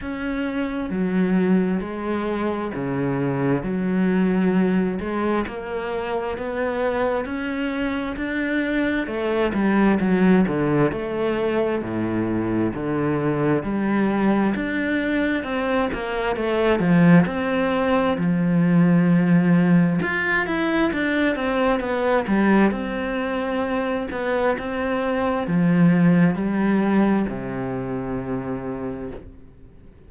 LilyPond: \new Staff \with { instrumentName = "cello" } { \time 4/4 \tempo 4 = 66 cis'4 fis4 gis4 cis4 | fis4. gis8 ais4 b4 | cis'4 d'4 a8 g8 fis8 d8 | a4 a,4 d4 g4 |
d'4 c'8 ais8 a8 f8 c'4 | f2 f'8 e'8 d'8 c'8 | b8 g8 c'4. b8 c'4 | f4 g4 c2 | }